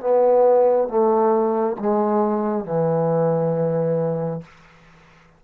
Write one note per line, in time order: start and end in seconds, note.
0.00 0.88 B3
0.88 1.76 A3
1.79 2.64 G#3
2.64 4.41 E3